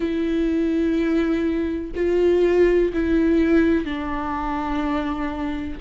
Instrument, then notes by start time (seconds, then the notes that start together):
viola
0.00 E4
1.95 F4
2.93 E4
3.84 D4